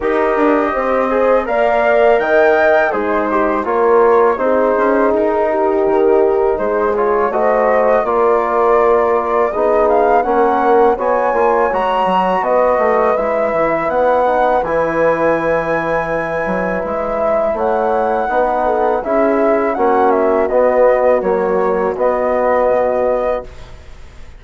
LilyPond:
<<
  \new Staff \with { instrumentName = "flute" } { \time 4/4 \tempo 4 = 82 dis''2 f''4 g''4 | c''4 cis''4 c''4 ais'4~ | ais'4 c''8 cis''8 dis''4 d''4~ | d''4 dis''8 f''8 fis''4 gis''4 |
ais''4 dis''4 e''4 fis''4 | gis''2. e''4 | fis''2 e''4 fis''8 e''8 | dis''4 cis''4 dis''2 | }
  \new Staff \with { instrumentName = "horn" } { \time 4/4 ais'4 c''4 d''4 dis''4 | dis'4 ais'4 gis'4. g'8~ | g'4 gis'4 c''4 ais'4~ | ais'4 gis'4 ais'4 cis''4~ |
cis''4 b'2.~ | b'1 | cis''4 b'8 a'8 gis'4 fis'4~ | fis'1 | }
  \new Staff \with { instrumentName = "trombone" } { \time 4/4 g'4. gis'8 ais'2 | gis'8 g'8 f'4 dis'2~ | dis'4. f'8 fis'4 f'4~ | f'4 dis'4 cis'4 fis'8 f'8 |
fis'2 e'4. dis'8 | e'1~ | e'4 dis'4 e'4 cis'4 | b4 fis4 b2 | }
  \new Staff \with { instrumentName = "bassoon" } { \time 4/4 dis'8 d'8 c'4 ais4 dis4 | gis4 ais4 c'8 cis'8 dis'4 | dis4 gis4 a4 ais4~ | ais4 b4 ais4 b8 ais8 |
gis8 fis8 b8 a8 gis8 e8 b4 | e2~ e8 fis8 gis4 | a4 b4 cis'4 ais4 | b4 ais4 b4 b,4 | }
>>